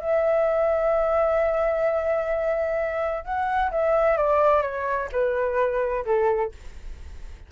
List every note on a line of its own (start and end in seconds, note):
0.00 3.24 E5
3.24 3.71 F#5
3.71 4.17 E5
4.17 4.62 D5
4.62 5.08 C#5
5.12 6.05 B4
6.05 6.52 A4